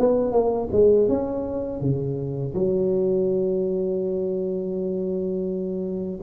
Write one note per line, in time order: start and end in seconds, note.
0.00 0.32 B3
0.32 0.69 A#3
0.73 1.09 G#3
1.09 1.81 C#4
1.81 2.54 C#3
2.54 6.20 F#3